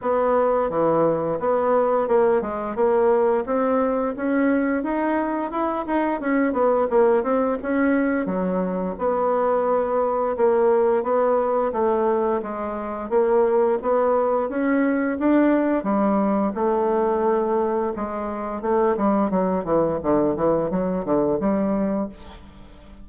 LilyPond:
\new Staff \with { instrumentName = "bassoon" } { \time 4/4 \tempo 4 = 87 b4 e4 b4 ais8 gis8 | ais4 c'4 cis'4 dis'4 | e'8 dis'8 cis'8 b8 ais8 c'8 cis'4 | fis4 b2 ais4 |
b4 a4 gis4 ais4 | b4 cis'4 d'4 g4 | a2 gis4 a8 g8 | fis8 e8 d8 e8 fis8 d8 g4 | }